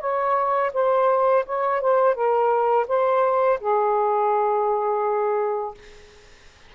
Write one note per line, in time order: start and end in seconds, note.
0.00 0.71 C#5
0.73 1.45 C5
1.46 1.81 C#5
1.81 2.15 C5
2.15 2.86 A#4
2.88 3.59 C5
3.60 5.74 G#4